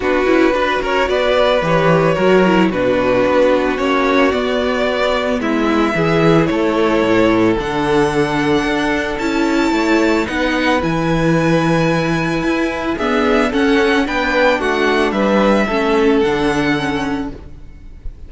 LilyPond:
<<
  \new Staff \with { instrumentName = "violin" } { \time 4/4 \tempo 4 = 111 b'4. cis''8 d''4 cis''4~ | cis''4 b'2 cis''4 | d''2 e''2 | cis''2 fis''2~ |
fis''4 a''2 fis''4 | gis''1 | e''4 fis''4 g''4 fis''4 | e''2 fis''2 | }
  \new Staff \with { instrumentName = "violin" } { \time 4/4 fis'4 b'8 ais'8 b'2 | ais'4 fis'2.~ | fis'2 e'4 gis'4 | a'1~ |
a'2 cis''4 b'4~ | b'1 | gis'4 a'4 b'4 fis'4 | b'4 a'2. | }
  \new Staff \with { instrumentName = "viola" } { \time 4/4 d'8 e'8 fis'2 g'4 | fis'8 e'8 d'2 cis'4 | b2. e'4~ | e'2 d'2~ |
d'4 e'2 dis'4 | e'1 | b4 cis'4 d'2~ | d'4 cis'4 d'4 cis'4 | }
  \new Staff \with { instrumentName = "cello" } { \time 4/4 b8 cis'8 d'8 cis'8 b4 e4 | fis4 b,4 b4 ais4 | b2 gis4 e4 | a4 a,4 d2 |
d'4 cis'4 a4 b4 | e2. e'4 | d'4 cis'4 b4 a4 | g4 a4 d2 | }
>>